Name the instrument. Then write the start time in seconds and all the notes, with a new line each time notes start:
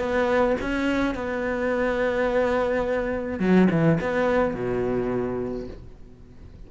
cello
0.00 B3
0.61 C#4
1.15 B3
3.40 F#3
3.71 E3
4.01 B3
4.55 B2